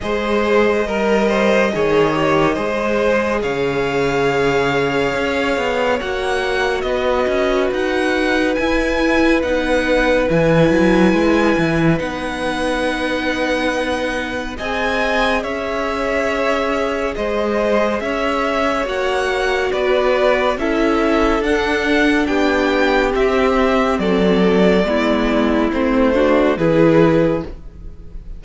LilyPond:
<<
  \new Staff \with { instrumentName = "violin" } { \time 4/4 \tempo 4 = 70 dis''1 | f''2. fis''4 | dis''4 fis''4 gis''4 fis''4 | gis''2 fis''2~ |
fis''4 gis''4 e''2 | dis''4 e''4 fis''4 d''4 | e''4 fis''4 g''4 e''4 | d''2 c''4 b'4 | }
  \new Staff \with { instrumentName = "violin" } { \time 4/4 c''4 ais'8 c''8 cis''4 c''4 | cis''1 | b'1~ | b'1~ |
b'4 dis''4 cis''2 | c''4 cis''2 b'4 | a'2 g'2 | a'4 e'4. fis'8 gis'4 | }
  \new Staff \with { instrumentName = "viola" } { \time 4/4 gis'4 ais'4 gis'8 g'8 gis'4~ | gis'2. fis'4~ | fis'2 e'4 dis'4 | e'2 dis'2~ |
dis'4 gis'2.~ | gis'2 fis'2 | e'4 d'2 c'4~ | c'4 b4 c'8 d'8 e'4 | }
  \new Staff \with { instrumentName = "cello" } { \time 4/4 gis4 g4 dis4 gis4 | cis2 cis'8 b8 ais4 | b8 cis'8 dis'4 e'4 b4 | e8 fis8 gis8 e8 b2~ |
b4 c'4 cis'2 | gis4 cis'4 ais4 b4 | cis'4 d'4 b4 c'4 | fis4 gis4 a4 e4 | }
>>